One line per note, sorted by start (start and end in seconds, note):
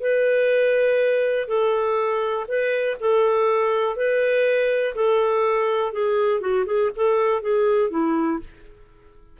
0.00 1.48 B4
1.48 2.46 A4
2.47 2.97 B4
3.00 3.96 A4
3.96 4.94 B4
4.94 5.92 A4
5.92 6.40 G#4
6.40 6.65 F#4
6.65 6.90 G#4
6.95 7.41 A4
7.41 7.90 G#4
7.90 8.39 E4